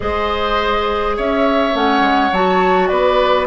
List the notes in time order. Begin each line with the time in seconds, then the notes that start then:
0.00 G#3 G#4 C5 D#5
1.16 C#4 C#5 E5
1.73 A3 C#4 F#5
2.00 G#3
2.31 F#3 F#4 A5
2.87 B3 B4 D5